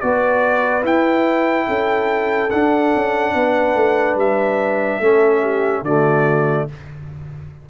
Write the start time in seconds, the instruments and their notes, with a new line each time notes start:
0.00 tuba B3, trombone F#4, horn B4, trumpet D5
0.82 trombone E4, tuba E4, trumpet G5
1.67 tuba C#4, horn A4
2.50 tuba D4, trombone D4, trumpet F#5
2.95 tuba C#4
3.34 tuba B3, horn B4
3.75 tuba A3
4.15 tuba G3, trumpet E5
5.00 tuba A3, trombone C#4, horn A4
5.41 horn G4
5.82 tuba D3, trombone A3, horn F#4, trumpet D5